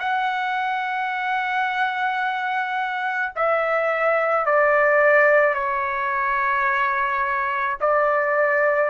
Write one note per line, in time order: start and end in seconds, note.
0.00 3.33 F#5
3.36 4.46 E5
4.46 5.55 D5
5.55 7.77 C#5
7.81 8.90 D5